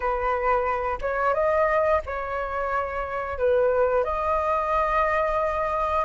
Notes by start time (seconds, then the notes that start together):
0.00 B4
1.01 C#5
1.34 D#5
2.06 C#5
3.38 B4
4.04 D#5